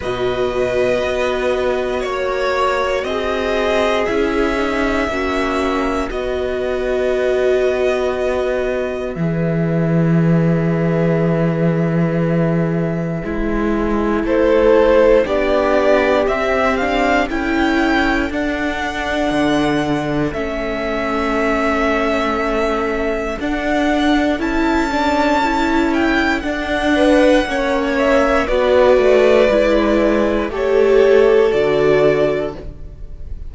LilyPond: <<
  \new Staff \with { instrumentName = "violin" } { \time 4/4 \tempo 4 = 59 dis''2 cis''4 dis''4 | e''2 dis''2~ | dis''4 e''2.~ | e''2 c''4 d''4 |
e''8 f''8 g''4 fis''2 | e''2. fis''4 | a''4. g''8 fis''4. e''8 | d''2 cis''4 d''4 | }
  \new Staff \with { instrumentName = "violin" } { \time 4/4 b'2 cis''4 gis'4~ | gis'4 fis'4 b'2~ | b'1~ | b'2 a'4 g'4~ |
g'4 a'2.~ | a'1~ | a'2~ a'8 b'8 cis''4 | b'2 a'2 | }
  \new Staff \with { instrumentName = "viola" } { \time 4/4 fis'1 | e'8 dis'8 cis'4 fis'2~ | fis'4 gis'2.~ | gis'4 e'2 d'4 |
c'8 d'8 e'4 d'2 | cis'2. d'4 | e'8 d'8 e'4 d'4 cis'4 | fis'4 e'4 g'4 fis'4 | }
  \new Staff \with { instrumentName = "cello" } { \time 4/4 b,4 b4 ais4 c'4 | cis'4 ais4 b2~ | b4 e2.~ | e4 gis4 a4 b4 |
c'4 cis'4 d'4 d4 | a2. d'4 | cis'2 d'4 ais4 | b8 a8 gis4 a4 d4 | }
>>